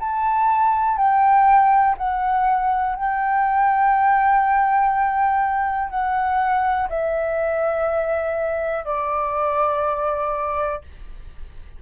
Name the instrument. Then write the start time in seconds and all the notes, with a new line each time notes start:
flute
0.00 A5
0.97 G5
1.98 F#5
2.96 G5
5.90 F#5
6.89 E5
8.85 D5